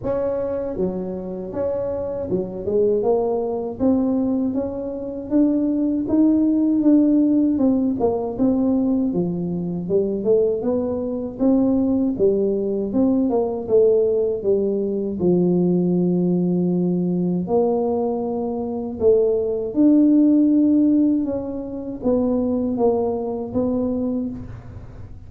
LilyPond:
\new Staff \with { instrumentName = "tuba" } { \time 4/4 \tempo 4 = 79 cis'4 fis4 cis'4 fis8 gis8 | ais4 c'4 cis'4 d'4 | dis'4 d'4 c'8 ais8 c'4 | f4 g8 a8 b4 c'4 |
g4 c'8 ais8 a4 g4 | f2. ais4~ | ais4 a4 d'2 | cis'4 b4 ais4 b4 | }